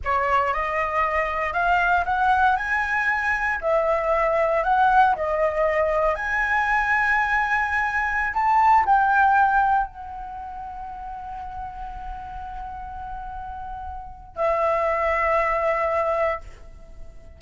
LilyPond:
\new Staff \with { instrumentName = "flute" } { \time 4/4 \tempo 4 = 117 cis''4 dis''2 f''4 | fis''4 gis''2 e''4~ | e''4 fis''4 dis''2 | gis''1~ |
gis''16 a''4 g''2 fis''8.~ | fis''1~ | fis''1 | e''1 | }